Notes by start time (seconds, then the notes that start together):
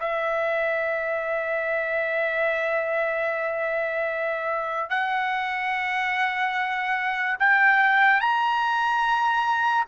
0.00 E5
4.90 F#5
7.39 G5
8.21 A#5